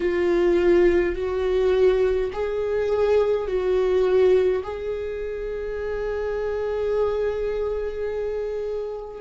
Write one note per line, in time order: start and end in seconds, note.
0.00 1.15 F4
1.15 2.30 F#4
2.32 3.47 G#4
3.47 4.62 F#4
4.63 9.20 G#4